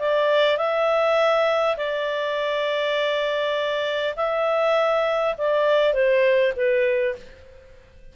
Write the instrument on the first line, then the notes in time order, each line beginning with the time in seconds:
clarinet
0.00 D5
0.58 E5
1.77 D5
4.17 E5
5.38 D5
5.94 C5
6.56 B4